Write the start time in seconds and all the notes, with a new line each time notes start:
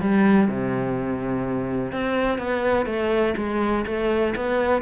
0.00 G3
0.48 C3
1.92 C4
2.38 B3
2.85 A3
3.37 G#3
3.86 A3
4.35 B3